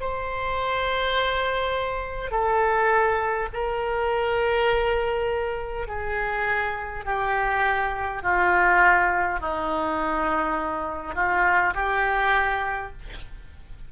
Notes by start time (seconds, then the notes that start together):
0.00 C5
2.31 A4
3.53 A#4
5.87 G#4
7.05 G4
8.22 F4
9.40 D#4
11.15 F4
11.74 G4